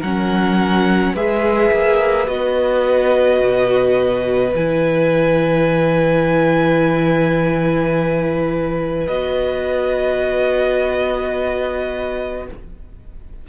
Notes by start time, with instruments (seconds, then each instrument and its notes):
0.00 cello F#3, viola C#4, violin A#4 F#5
1.14 cello G#3, viola G#4, violin B4 E5
1.71 cello A#3
2.27 cello B3, viola F#4, violin D#5
3.40 cello B2
4.54 cello E3, viola E4, violin G#5
9.07 cello B3, viola F#4, violin D#5